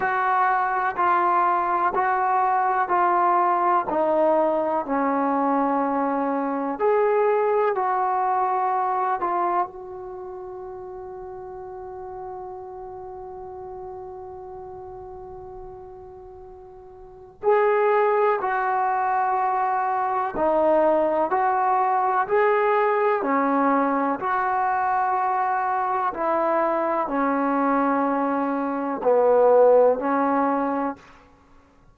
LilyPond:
\new Staff \with { instrumentName = "trombone" } { \time 4/4 \tempo 4 = 62 fis'4 f'4 fis'4 f'4 | dis'4 cis'2 gis'4 | fis'4. f'8 fis'2~ | fis'1~ |
fis'2 gis'4 fis'4~ | fis'4 dis'4 fis'4 gis'4 | cis'4 fis'2 e'4 | cis'2 b4 cis'4 | }